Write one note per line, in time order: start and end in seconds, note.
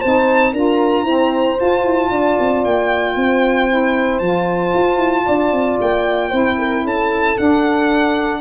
0.00 0.53 C4
0.00 0.55 D#4
0.00 0.53 C5
0.00 0.54 A5
0.53 1.04 D4
0.53 1.06 F4
0.53 1.04 A#4
0.53 1.59 A#5
1.04 1.58 C4
1.04 1.57 E4
1.04 2.09 C5
1.60 3.69 F4
1.60 1.84 F4
1.60 2.65 A5
1.84 2.10 E4
2.11 2.37 D4
2.11 3.17 D5
2.40 2.66 C4
2.65 3.16 A#3
2.65 4.19 G5
3.16 4.21 C4
3.16 5.25 C5
3.69 4.22 E4
4.19 4.73 F3
4.19 6.31 F4
4.19 5.77 A5
4.74 4.97 F4
4.97 5.24 E4
5.25 5.53 D4
5.25 6.30 D5
5.53 5.79 C4
5.81 6.33 A#3
5.81 6.87 G5
6.30 6.84 C4
6.30 7.36 E4
6.30 6.56 C5
6.58 6.85 A#4
6.84 7.37 C#4
6.84 8.41 A4
6.84 7.38 A5
7.37 8.41 D4
7.37 8.41 F#5